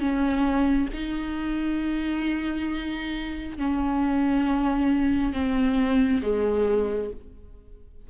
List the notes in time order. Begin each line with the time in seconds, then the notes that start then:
0.00 C#4
0.94 D#4
3.58 C#4
5.33 C4
6.22 G#3